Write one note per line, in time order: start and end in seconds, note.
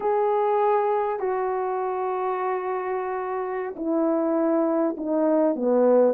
0.00 1.19 G#4
1.19 3.74 F#4
3.76 4.96 E4
4.97 5.55 D#4
5.55 6.14 B3